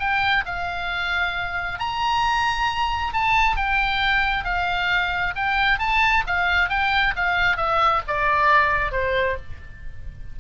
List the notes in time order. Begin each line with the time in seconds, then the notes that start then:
0.00 G5
0.46 F5
1.80 A#5
3.14 A5
3.57 G5
4.45 F5
5.36 G5
5.79 A5
6.27 F5
6.70 G5
7.16 F5
7.57 E5
8.08 D5
8.92 C5